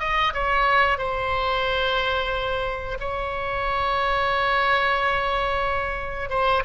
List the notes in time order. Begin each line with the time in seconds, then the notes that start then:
0.00 D#5
0.34 C#5
0.98 C5
3.00 C#5
6.30 C5